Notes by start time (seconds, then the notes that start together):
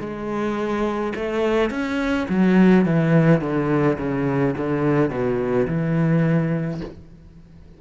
0.00 G#3
1.16 A3
1.71 C#4
2.30 F#3
2.86 E3
3.41 D3
3.98 C#3
4.57 D3
5.10 B2
5.68 E3